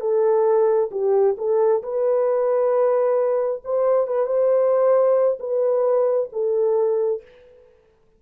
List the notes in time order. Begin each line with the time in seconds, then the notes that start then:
0.00 A4
0.91 G4
1.38 A4
1.82 B4
3.64 C5
4.07 B4
4.26 C5
5.39 B4
6.32 A4